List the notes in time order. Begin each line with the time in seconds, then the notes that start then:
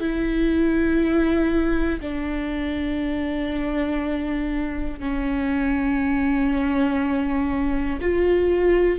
0.00 E4
2.00 D4
5.00 C#4
8.01 F4